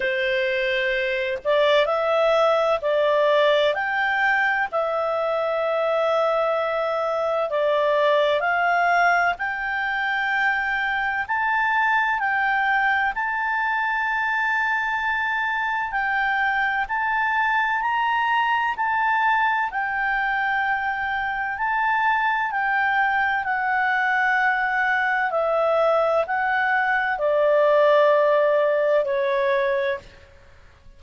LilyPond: \new Staff \with { instrumentName = "clarinet" } { \time 4/4 \tempo 4 = 64 c''4. d''8 e''4 d''4 | g''4 e''2. | d''4 f''4 g''2 | a''4 g''4 a''2~ |
a''4 g''4 a''4 ais''4 | a''4 g''2 a''4 | g''4 fis''2 e''4 | fis''4 d''2 cis''4 | }